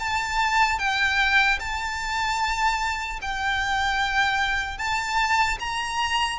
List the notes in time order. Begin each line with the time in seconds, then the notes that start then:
0.00 A5
0.79 G5
1.60 A5
3.21 G5
4.78 A5
5.60 A#5